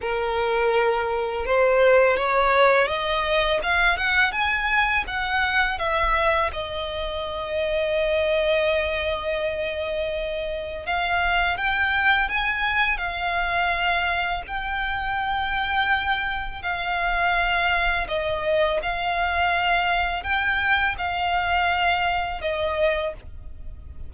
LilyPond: \new Staff \with { instrumentName = "violin" } { \time 4/4 \tempo 4 = 83 ais'2 c''4 cis''4 | dis''4 f''8 fis''8 gis''4 fis''4 | e''4 dis''2.~ | dis''2. f''4 |
g''4 gis''4 f''2 | g''2. f''4~ | f''4 dis''4 f''2 | g''4 f''2 dis''4 | }